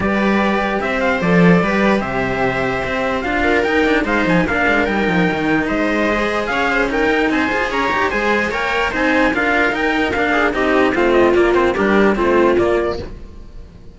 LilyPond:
<<
  \new Staff \with { instrumentName = "trumpet" } { \time 4/4 \tempo 4 = 148 d''2 e''8 f''8 d''4~ | d''4 e''2. | f''4 g''4 f''8 gis''8 f''4 | g''2 dis''2 |
f''4 g''4 gis''4 ais''4 | gis''4 g''4 gis''4 f''4 | g''4 f''4 dis''4 f''8 dis''8 | d''8 c''8 ais'4 c''4 d''4 | }
  \new Staff \with { instrumentName = "viola" } { \time 4/4 b'2 c''2 | b'4 c''2.~ | c''8 ais'4. c''4 ais'4~ | ais'2 c''2 |
cis''8 c''8 ais'4 c''4 cis''4 | c''4 cis''4 c''4 ais'4~ | ais'4. gis'8 g'4 f'4~ | f'4 g'4 f'2 | }
  \new Staff \with { instrumentName = "cello" } { \time 4/4 g'2. a'4 | g'1 | f'4 dis'8 d'8 dis'4 d'4 | dis'2. gis'4~ |
gis'4 dis'4. gis'4 g'8 | gis'4 ais'4 dis'4 f'4 | dis'4 d'4 dis'4 c'4 | ais8 c'8 d'4 c'4 ais4 | }
  \new Staff \with { instrumentName = "cello" } { \time 4/4 g2 c'4 f4 | g4 c2 c'4 | d'4 dis'4 gis8 f8 ais8 gis8 | g8 f8 dis4 gis2 |
cis'4. dis'8 c'8 f'8 cis'8 dis'8 | gis4 ais4 c'4 d'4 | dis'4 ais4 c'4 a4 | ais4 g4 a4 ais4 | }
>>